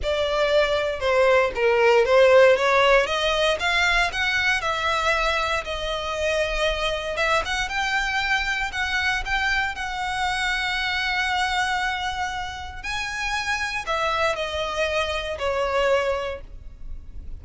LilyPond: \new Staff \with { instrumentName = "violin" } { \time 4/4 \tempo 4 = 117 d''2 c''4 ais'4 | c''4 cis''4 dis''4 f''4 | fis''4 e''2 dis''4~ | dis''2 e''8 fis''8 g''4~ |
g''4 fis''4 g''4 fis''4~ | fis''1~ | fis''4 gis''2 e''4 | dis''2 cis''2 | }